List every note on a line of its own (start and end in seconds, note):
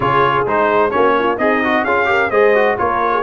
0.00 0.43 C#3
0.00 0.46 F4
0.00 0.91 G#4
0.00 0.45 C#5
0.46 0.92 G#3
0.46 0.90 D#4
0.46 0.90 C5
0.90 1.38 A#3
0.90 1.36 C#4
0.90 1.15 F#4
0.90 1.37 C#5
1.18 1.38 F4
1.38 1.84 C4
1.38 1.84 D#4
1.38 1.62 G#4
1.38 1.84 D#5
1.64 1.87 F#4
1.84 2.30 C#4
1.84 2.05 F4
1.84 2.07 G#4
1.84 2.30 F5
2.05 2.28 G4
2.05 2.31 A#4
2.30 2.76 G#3
2.30 2.54 G#4
2.30 2.77 C5
2.30 2.76 D#5
2.54 2.77 F#4
2.77 3.22 A#3
2.77 3.22 F4
2.77 3.12 A#4
2.77 3.22 C#5
3.12 3.22 G#4